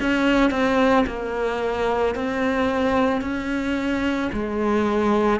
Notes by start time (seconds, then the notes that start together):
0.00 C#4
0.51 C4
1.07 A#3
2.15 C4
3.21 C#4
4.32 G#3